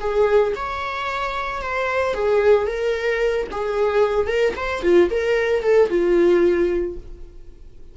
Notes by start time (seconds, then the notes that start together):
0.00 G#4
0.56 C#5
1.62 C5
2.14 G#4
2.67 A#4
3.51 G#4
4.27 A#4
4.56 C5
4.83 F4
5.11 A#4
5.63 A4
5.90 F4